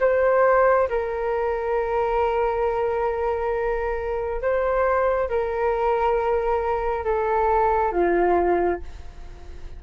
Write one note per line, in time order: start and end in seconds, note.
0.00 0.88 C5
0.89 4.42 A#4
4.42 5.29 C5
5.29 7.04 A#4
7.04 7.92 A4
7.92 8.80 F4